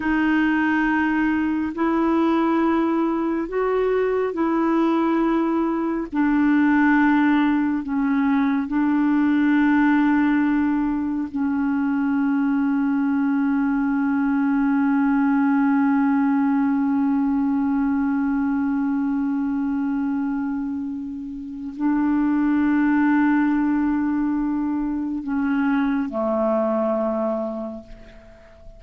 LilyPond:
\new Staff \with { instrumentName = "clarinet" } { \time 4/4 \tempo 4 = 69 dis'2 e'2 | fis'4 e'2 d'4~ | d'4 cis'4 d'2~ | d'4 cis'2.~ |
cis'1~ | cis'1~ | cis'4 d'2.~ | d'4 cis'4 a2 | }